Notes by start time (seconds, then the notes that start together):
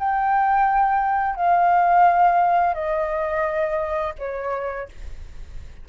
0.00 G5
1.36 F5
2.75 D#5
4.19 C#5